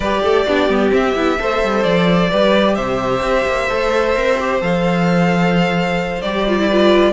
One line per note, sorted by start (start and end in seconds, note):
0.00 0.20 G3
0.00 0.47 G4
0.00 0.22 B4
0.00 0.91 D5
0.23 0.46 A3
0.23 0.46 A4
0.46 0.68 B3
0.46 0.69 D4
0.46 1.39 G4
0.68 0.91 G3
0.68 0.90 B3
0.90 1.13 C4
0.90 1.15 C4
0.90 1.83 E5
1.15 1.38 B3
1.15 1.38 E4
1.38 1.63 A3
1.38 2.31 A4
1.38 2.30 C5
1.63 1.84 G3
1.83 2.30 F3
1.83 2.75 D5
2.30 2.77 G3
2.30 3.70 G4
2.30 2.75 B4
2.75 3.22 C3
2.75 6.66 C5
2.75 4.59 E5
3.22 3.45 C4
3.46 3.69 A#3
3.70 4.16 A3
3.70 4.15 A4
4.15 4.61 C4
4.15 4.38 A#4
4.40 4.61 G4
4.61 6.22 F3
4.61 6.22 A4
4.61 6.21 F5
6.21 7.13 G3
6.21 6.47 G4
6.21 7.13 D5
6.48 6.59 F4
6.59 6.70 E4
6.66 7.13 F4
6.66 7.12 B4